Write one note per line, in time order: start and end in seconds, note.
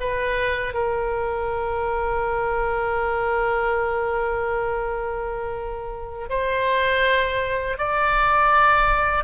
0.00 0.73 B4
0.73 6.29 A#4
6.29 7.77 C5
7.77 9.24 D5